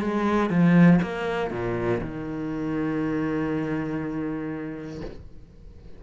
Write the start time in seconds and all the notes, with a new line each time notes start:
0.00 G#3
0.50 F3
1.02 A#3
1.51 A#2
2.01 D#3